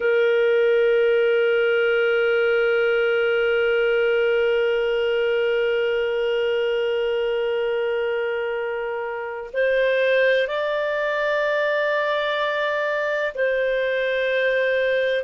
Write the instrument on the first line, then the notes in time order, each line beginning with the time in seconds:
clarinet
0.00 A#4
9.53 C5
10.47 D5
13.34 C5